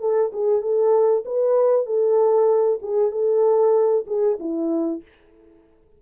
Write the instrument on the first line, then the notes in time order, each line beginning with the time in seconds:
horn
0.00 A4
0.33 G#4
0.61 A4
1.25 B4
1.86 A4
2.82 G#4
3.11 A4
4.07 G#4
4.39 E4